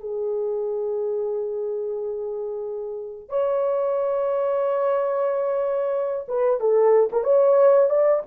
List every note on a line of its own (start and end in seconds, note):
0.00 3.29 G#4
3.29 6.25 C#5
6.28 6.60 B4
6.60 7.09 A4
7.12 7.23 A#4
7.23 7.89 C#5
7.89 8.22 D5